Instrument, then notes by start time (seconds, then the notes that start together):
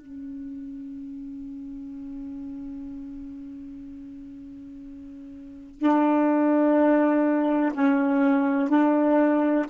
saxophone
0.00 C#4
5.78 D4
7.74 C#4
8.69 D4